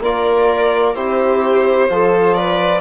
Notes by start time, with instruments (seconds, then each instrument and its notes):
0.00 bassoon A#3, trombone F4, viola A#4, violin D5
0.95 bassoon C4, trombone E4, viola G4, violin C5
1.89 bassoon F3, trombone F4, viola A4
2.34 viola B4, violin D5